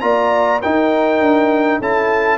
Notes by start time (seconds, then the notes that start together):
0.00 A#3 F4 D5 A#5
0.61 D#4 A#4 G5
1.20 D4
1.79 C#4 E4 A4 A5